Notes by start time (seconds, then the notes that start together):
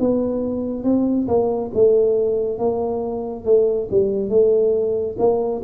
0.00 B3
0.84 C4
1.28 A#3
1.74 A3
2.58 A#3
3.45 A3
3.91 G3
4.29 A3
5.19 A#3